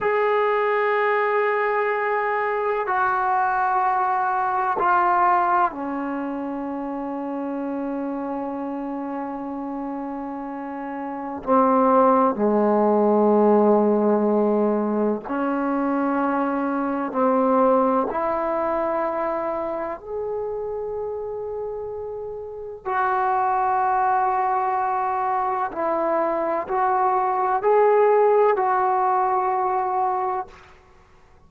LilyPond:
\new Staff \with { instrumentName = "trombone" } { \time 4/4 \tempo 4 = 63 gis'2. fis'4~ | fis'4 f'4 cis'2~ | cis'1 | c'4 gis2. |
cis'2 c'4 e'4~ | e'4 gis'2. | fis'2. e'4 | fis'4 gis'4 fis'2 | }